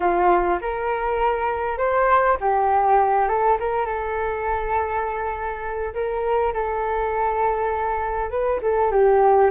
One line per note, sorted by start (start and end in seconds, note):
0.00 0.58 F4
0.61 1.77 A#4
1.77 2.37 C5
2.40 3.28 G4
3.28 3.58 A4
3.59 3.85 A#4
3.85 5.93 A4
5.94 6.53 A#4
6.53 8.30 A4
8.30 8.60 B4
8.61 8.91 A4
8.91 9.50 G4